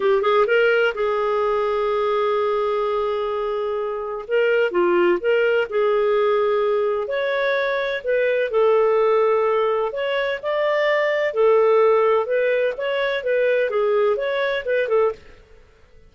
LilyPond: \new Staff \with { instrumentName = "clarinet" } { \time 4/4 \tempo 4 = 127 g'8 gis'8 ais'4 gis'2~ | gis'1~ | gis'4 ais'4 f'4 ais'4 | gis'2. cis''4~ |
cis''4 b'4 a'2~ | a'4 cis''4 d''2 | a'2 b'4 cis''4 | b'4 gis'4 cis''4 b'8 a'8 | }